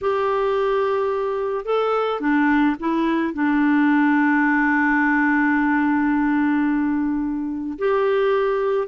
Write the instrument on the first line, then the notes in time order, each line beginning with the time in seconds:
clarinet
0.01 G4
1.65 A4
2.20 D4
2.79 E4
3.33 D4
7.78 G4